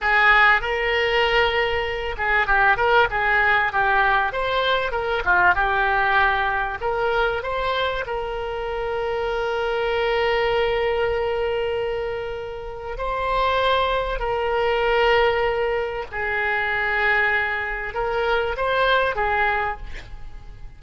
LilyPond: \new Staff \with { instrumentName = "oboe" } { \time 4/4 \tempo 4 = 97 gis'4 ais'2~ ais'8 gis'8 | g'8 ais'8 gis'4 g'4 c''4 | ais'8 f'8 g'2 ais'4 | c''4 ais'2.~ |
ais'1~ | ais'4 c''2 ais'4~ | ais'2 gis'2~ | gis'4 ais'4 c''4 gis'4 | }